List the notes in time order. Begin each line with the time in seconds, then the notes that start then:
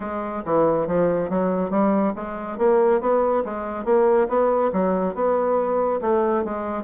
0.00 G#3
0.45 E3
0.87 F3
1.29 F#3
1.70 G3
2.15 G#3
2.57 A#3
3.00 B3
3.44 G#3
3.85 A#3
4.28 B3
4.72 F#3
5.14 B3
6.01 A3
6.44 G#3